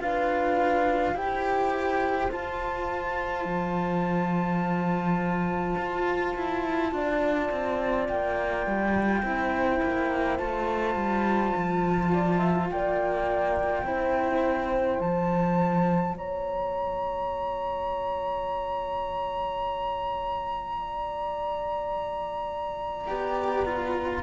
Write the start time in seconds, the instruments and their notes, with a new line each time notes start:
0.00 cello D4 F4, horn B4, flute F5
1.14 cello E4 G4, horn C5, flute G5
2.31 cello F4, flute A5
3.45 cello F3
5.78 cello F4
6.36 cello E4
6.92 cello D4, horn D5
7.51 cello C4
8.08 cello A#3, flute G5
8.66 cello G3
9.23 cello C4 E4, horn C5
9.82 cello A#3
10.37 cello A3 F4, flute A5
10.95 cello G3
11.56 cello F3
12.13 horn D5
12.39 horn E5
12.70 cello A#3, horn D5, flute G5
13.83 cello C4 E4, horn C5
15.00 cello F3 F4, flute A5
16.14 cello A#3, horn C#5, flute A#5
20.78 horn D5
23.07 cello B3 G4
23.65 cello F4